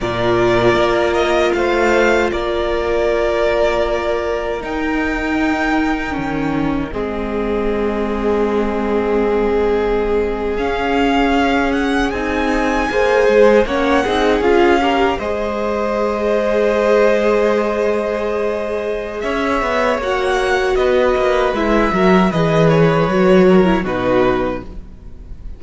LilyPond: <<
  \new Staff \with { instrumentName = "violin" } { \time 4/4 \tempo 4 = 78 d''4. dis''8 f''4 d''4~ | d''2 g''2~ | g''4 dis''2.~ | dis''4.~ dis''16 f''4. fis''8 gis''16~ |
gis''4.~ gis''16 fis''4 f''4 dis''16~ | dis''1~ | dis''4 e''4 fis''4 dis''4 | e''4 dis''8 cis''4. b'4 | }
  \new Staff \with { instrumentName = "violin" } { \time 4/4 ais'2 c''4 ais'4~ | ais'1~ | ais'4 gis'2.~ | gis'1~ |
gis'8. c''4 cis''8 gis'4 ais'8 c''16~ | c''1~ | c''4 cis''2 b'4~ | b'8 ais'8 b'4. ais'8 fis'4 | }
  \new Staff \with { instrumentName = "viola" } { \time 4/4 f'1~ | f'2 dis'2 | cis'4 c'2.~ | c'4.~ c'16 cis'2 dis'16~ |
dis'8. gis'4 cis'8 dis'8 f'8 g'8 gis'16~ | gis'1~ | gis'2 fis'2 | e'8 fis'8 gis'4 fis'8. e'16 dis'4 | }
  \new Staff \with { instrumentName = "cello" } { \time 4/4 ais,4 ais4 a4 ais4~ | ais2 dis'2 | dis4 gis2.~ | gis4.~ gis16 cis'2 c'16~ |
c'8. ais8 gis8 ais8 c'8 cis'4 gis16~ | gis1~ | gis4 cis'8 b8 ais4 b8 ais8 | gis8 fis8 e4 fis4 b,4 | }
>>